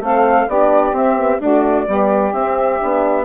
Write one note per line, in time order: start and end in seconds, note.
0.00 0.46 A3
0.00 0.49 C4
0.00 0.48 A4
0.00 0.49 F5
0.48 0.92 B3
0.48 0.95 D4
0.48 1.40 G4
0.48 0.95 D5
0.92 1.39 C4
0.92 1.17 C4
0.92 1.42 E5
1.17 1.40 B3
1.40 1.88 A3
1.40 1.86 D4
1.40 1.87 F#4
1.40 2.33 D5
1.87 2.33 G3
1.87 2.34 B3
1.87 3.25 G4
2.33 2.79 C4
2.33 2.80 C4
2.33 3.25 E5
2.80 3.25 B3
2.80 3.25 D4